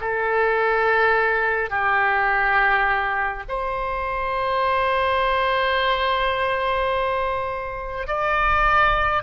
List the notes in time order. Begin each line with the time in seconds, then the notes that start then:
0.00 A4
1.69 G4
3.48 C5
8.07 D5